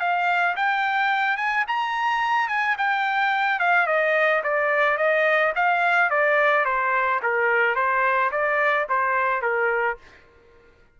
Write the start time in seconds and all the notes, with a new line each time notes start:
0.00 F5
0.56 G5
1.37 G#5
1.67 A#5
2.48 G#5
2.78 G5
3.59 F5
3.87 D#5
4.43 D5
4.98 D#5
5.56 F5
6.10 D5
6.65 C5
7.23 A#4
7.75 C5
8.32 D5
8.89 C5
9.42 A#4